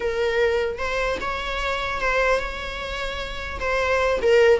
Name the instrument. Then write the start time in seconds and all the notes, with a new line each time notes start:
viola
0.00 A#4
0.78 C5
1.20 C#5
2.00 C5
2.39 C#5
3.59 C5
4.22 A#4